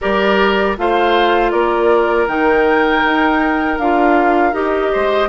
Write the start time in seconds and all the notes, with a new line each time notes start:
0.01 G3 G4 A#4 D5
0.77 A3 F4 C5 F5
1.50 A#3 A#4 D5
2.27 D#3 D#4 G5
3.04 D#4
3.78 D4 F4 F5
4.52 D#4 G4 D#5
4.92 G#3 C5